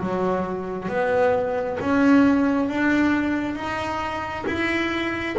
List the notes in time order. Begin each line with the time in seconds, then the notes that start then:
0.00 F#3
0.89 B3
1.81 C#4
2.69 D4
3.56 D#4
4.47 E4